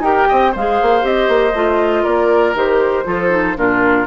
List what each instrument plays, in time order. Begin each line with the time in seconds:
0.00 bassoon D#4, clarinet G4, oboe A#4, flute G5
0.28 bassoon C4, oboe D#5
0.52 bassoon G#3, clarinet G#4, oboe C5, flute F5
0.82 bassoon A#3
1.01 bassoon C4, clarinet G4, flute D#5
1.28 bassoon A#3
1.53 bassoon A3, clarinet F4
2.03 bassoon A#3, oboe A#4, flute D5
2.54 bassoon D#3, clarinet G4, flute C5
3.05 bassoon F3, clarinet F4, oboe A4
3.30 clarinet D#4
3.57 bassoon A#2, clarinet D4, oboe F4, flute A#4